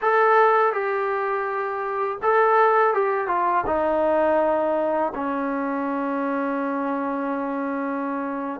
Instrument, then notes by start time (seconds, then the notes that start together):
trombone
0.01 A4
0.72 G4
2.22 A4
2.93 G4
3.27 F4
3.66 D#4
5.14 C#4